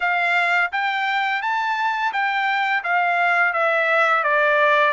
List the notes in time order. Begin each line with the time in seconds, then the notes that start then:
0.00 F5
0.72 G5
1.41 A5
2.12 G5
2.83 F5
3.53 E5
4.24 D5